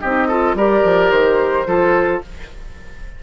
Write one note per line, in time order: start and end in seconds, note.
0.00 0.54 C4
0.00 0.30 D#4
0.00 0.27 G4
0.00 0.55 D#5
0.27 0.57 F4
0.27 0.55 A4
0.54 0.81 G3
0.54 1.66 G4
0.54 1.67 A#4
0.54 1.10 D5
0.84 1.10 F3
1.10 1.65 D#3
1.10 2.21 C5
1.66 2.21 F3
1.66 2.21 F4
1.66 2.22 A4